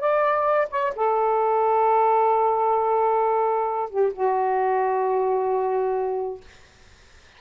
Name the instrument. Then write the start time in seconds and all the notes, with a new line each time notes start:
saxophone
0.00 D5
0.70 C#5
0.96 A4
3.90 G4
4.13 F#4